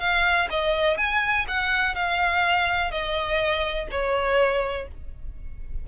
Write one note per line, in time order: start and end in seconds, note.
0.00 0.48 F5
0.50 0.97 D#5
0.97 1.46 G#5
1.48 1.95 F#5
1.95 2.91 F5
2.91 3.88 D#5
3.91 4.88 C#5